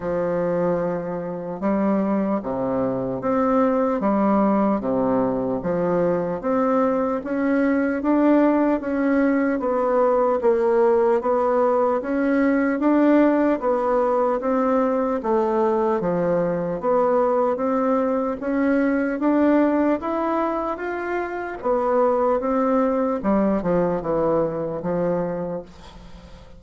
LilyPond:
\new Staff \with { instrumentName = "bassoon" } { \time 4/4 \tempo 4 = 75 f2 g4 c4 | c'4 g4 c4 f4 | c'4 cis'4 d'4 cis'4 | b4 ais4 b4 cis'4 |
d'4 b4 c'4 a4 | f4 b4 c'4 cis'4 | d'4 e'4 f'4 b4 | c'4 g8 f8 e4 f4 | }